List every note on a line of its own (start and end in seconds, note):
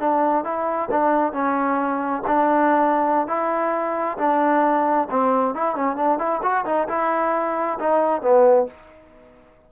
0.00 0.44 D4
0.44 0.90 E4
0.91 1.33 D4
1.33 2.23 C#4
2.27 3.28 D4
3.28 4.18 E4
4.18 5.09 D4
5.11 5.55 C4
5.55 5.76 E4
5.76 5.97 C#4
5.97 6.19 D4
6.19 6.42 E4
6.43 6.65 F#4
6.66 6.88 D#4
6.89 7.79 E4
7.80 8.22 D#4
8.22 8.67 B3